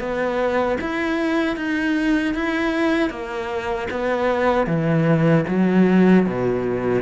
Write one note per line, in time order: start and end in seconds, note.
0.00 0.78 B3
0.81 1.57 E4
1.57 2.34 D#4
2.34 3.10 E4
3.10 3.88 A#3
3.91 4.67 B3
4.67 5.45 E3
5.48 6.26 F#3
6.26 7.02 B2